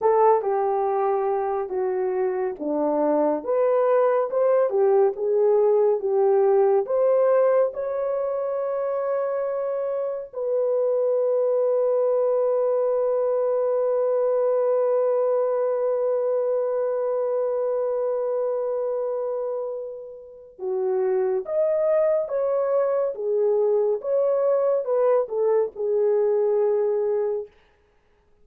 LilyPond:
\new Staff \with { instrumentName = "horn" } { \time 4/4 \tempo 4 = 70 a'8 g'4. fis'4 d'4 | b'4 c''8 g'8 gis'4 g'4 | c''4 cis''2. | b'1~ |
b'1~ | b'1 | fis'4 dis''4 cis''4 gis'4 | cis''4 b'8 a'8 gis'2 | }